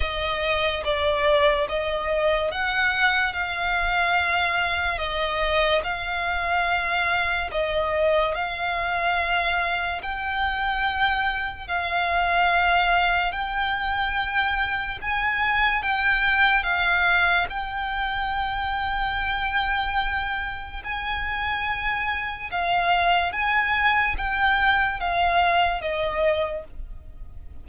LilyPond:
\new Staff \with { instrumentName = "violin" } { \time 4/4 \tempo 4 = 72 dis''4 d''4 dis''4 fis''4 | f''2 dis''4 f''4~ | f''4 dis''4 f''2 | g''2 f''2 |
g''2 gis''4 g''4 | f''4 g''2.~ | g''4 gis''2 f''4 | gis''4 g''4 f''4 dis''4 | }